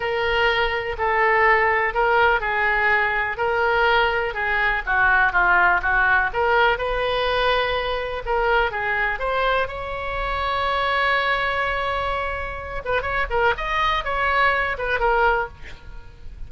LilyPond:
\new Staff \with { instrumentName = "oboe" } { \time 4/4 \tempo 4 = 124 ais'2 a'2 | ais'4 gis'2 ais'4~ | ais'4 gis'4 fis'4 f'4 | fis'4 ais'4 b'2~ |
b'4 ais'4 gis'4 c''4 | cis''1~ | cis''2~ cis''8 b'8 cis''8 ais'8 | dis''4 cis''4. b'8 ais'4 | }